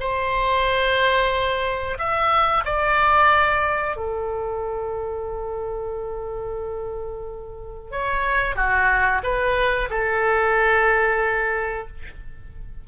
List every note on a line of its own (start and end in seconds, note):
0.00 1.98 C5
1.98 2.64 E5
2.65 3.96 D5
3.96 7.91 A4
7.91 8.55 C#5
8.55 9.21 F#4
9.23 9.89 B4
9.90 11.88 A4